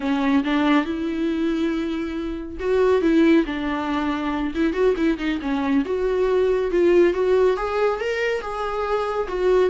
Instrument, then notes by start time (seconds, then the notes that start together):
viola
0.00 C#4
0.44 D4
0.85 E4
2.59 F#4
3.01 E4
3.46 D4
4.54 E4
4.73 F#4
4.97 E4
5.18 D#4
5.41 C#4
5.85 F#4
6.71 F4
7.13 F#4
7.56 G#4
8.00 A#4
8.41 G#4
9.27 F#4